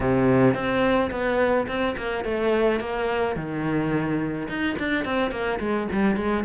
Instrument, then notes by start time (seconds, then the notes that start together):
cello
0.00 C3
0.54 C4
1.10 B3
1.67 C4
1.97 A#3
2.24 A3
2.80 A#3
3.35 D#3
4.48 D#4
4.78 D4
5.04 C4
5.31 A#3
5.59 G#3
5.92 G3
6.16 G#3